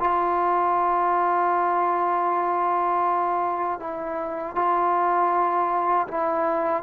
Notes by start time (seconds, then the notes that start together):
0.00 F4
3.80 E4
4.55 F4
6.08 E4